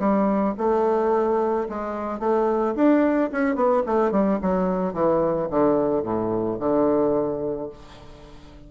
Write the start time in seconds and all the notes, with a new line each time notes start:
0.00 G3
0.59 A3
1.70 G#3
2.20 A3
2.76 D4
3.32 C#4
3.56 B3
3.87 A3
4.12 G3
4.42 F#3
4.94 E3
5.51 D3
6.04 A2
6.60 D3